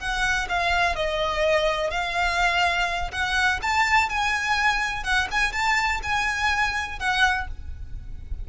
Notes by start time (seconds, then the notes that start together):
0.00 F#5
0.49 F5
0.96 D#5
1.91 F5
3.12 F#5
3.62 A5
4.09 G#5
5.04 F#5
5.31 G#5
5.53 A5
6.03 G#5
6.99 F#5